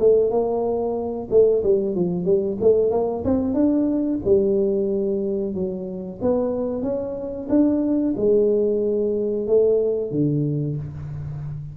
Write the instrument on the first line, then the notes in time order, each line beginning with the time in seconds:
tuba
0.00 A3
0.31 A#3
1.31 A3
1.64 G3
1.96 F3
2.25 G3
2.61 A3
2.91 A#3
3.25 C4
3.55 D4
4.25 G3
5.55 F#3
6.22 B3
6.83 C#4
7.50 D4
8.17 G#3
9.48 A3
10.12 D3